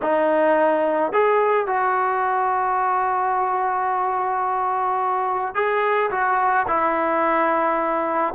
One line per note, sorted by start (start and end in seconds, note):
0.02 1.12 D#4
1.12 1.66 G#4
1.66 5.55 F#4
5.55 6.10 G#4
6.11 6.66 F#4
6.67 8.34 E4